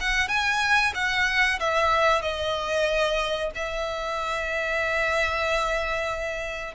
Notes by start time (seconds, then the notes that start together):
0.00 F#5
0.28 G#5
0.94 F#5
1.60 E5
2.21 D#5
3.55 E5